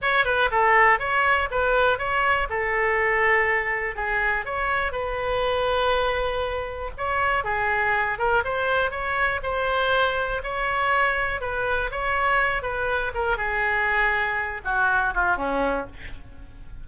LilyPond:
\new Staff \with { instrumentName = "oboe" } { \time 4/4 \tempo 4 = 121 cis''8 b'8 a'4 cis''4 b'4 | cis''4 a'2. | gis'4 cis''4 b'2~ | b'2 cis''4 gis'4~ |
gis'8 ais'8 c''4 cis''4 c''4~ | c''4 cis''2 b'4 | cis''4. b'4 ais'8 gis'4~ | gis'4. fis'4 f'8 cis'4 | }